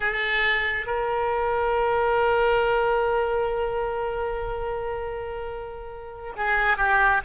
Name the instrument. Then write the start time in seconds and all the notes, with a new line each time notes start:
oboe
0.00 A4
0.86 A#4
6.36 G#4
6.77 G4